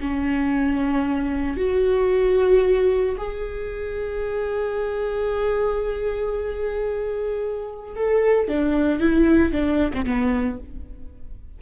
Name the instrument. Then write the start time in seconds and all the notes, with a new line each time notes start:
viola
0.00 C#4
1.57 F#4
3.17 G#4
7.95 A4
8.48 D4
9.00 E4
9.52 D4
9.93 C4
10.05 B3